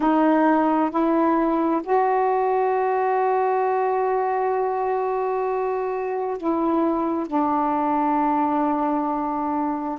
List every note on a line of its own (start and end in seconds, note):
0.00 0.90 D#4
0.90 1.81 E4
1.83 6.37 F#4
6.37 7.27 E4
7.27 9.98 D4